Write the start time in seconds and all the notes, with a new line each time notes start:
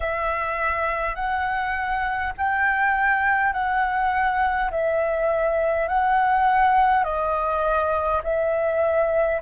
0.00 E5
1.15 F#5
2.37 G5
3.52 F#5
4.71 E5
5.88 F#5
7.03 D#5
8.23 E5